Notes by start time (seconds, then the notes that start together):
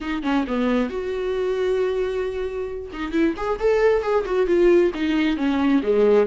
0.00 D#4
0.23 C#4
0.47 B3
0.89 F#4
2.92 D#4
3.12 E4
3.36 G#4
3.59 A4
4.02 G#4
4.25 F#4
4.46 F4
4.94 D#4
5.36 C#4
5.82 G#3